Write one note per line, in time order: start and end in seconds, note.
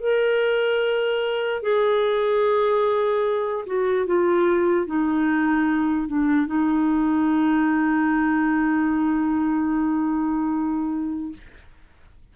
0.00 1.62 A#4
1.62 3.65 G#4
3.66 4.06 F#4
4.06 4.86 F4
4.86 6.07 D#4
6.07 6.46 D4
6.46 11.33 D#4